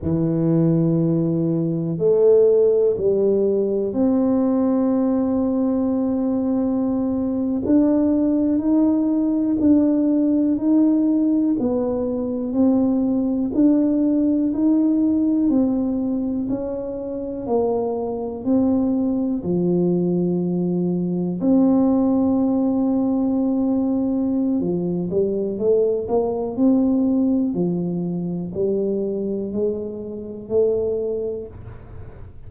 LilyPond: \new Staff \with { instrumentName = "tuba" } { \time 4/4 \tempo 4 = 61 e2 a4 g4 | c'2.~ c'8. d'16~ | d'8. dis'4 d'4 dis'4 b16~ | b8. c'4 d'4 dis'4 c'16~ |
c'8. cis'4 ais4 c'4 f16~ | f4.~ f16 c'2~ c'16~ | c'4 f8 g8 a8 ais8 c'4 | f4 g4 gis4 a4 | }